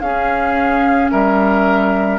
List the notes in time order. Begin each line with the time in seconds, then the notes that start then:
0.00 C#4 G#4 F5
1.10 G3 A#4 E5